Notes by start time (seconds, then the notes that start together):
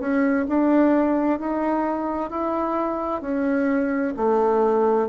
0.00 C#4
0.49 D4
1.40 D#4
2.30 E4
3.22 C#4
4.17 A3